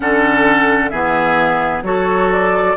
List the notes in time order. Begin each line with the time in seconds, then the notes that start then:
0.00 D3 C#4 A4 F#5
0.89 E3 B3 G#4 E5
1.82 F#3 F#4 A4 C#5
2.32 D5